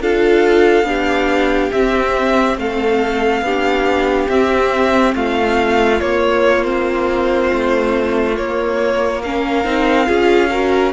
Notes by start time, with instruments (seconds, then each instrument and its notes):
0.00 cello D4, viola F4, violin A4 F5
0.83 cello B3, viola D4, violin G4
1.71 viola C4, cello C4, violin E5
2.57 cello A3, violin A4 F5
3.41 cello B3, viola D4, violin G4
4.28 cello C4, viola C4, violin E5
5.15 cello A3, violin F4 F5
5.99 viola A#3, cello A#3, violin C#5
6.63 viola C4, violin C5
7.53 cello A3
8.35 viola A#3, cello A#3, violin C#5
9.22 viola C#4, violin A#4 F5
9.64 cello C4, viola D#4
10.06 cello C#4, viola F4, violin G#4
10.50 viola F#4, violin A#4